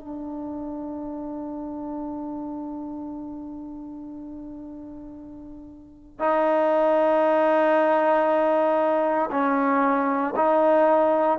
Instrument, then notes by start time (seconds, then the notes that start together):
trombone
0.00 D4
6.20 D#4
9.32 C#4
10.36 D#4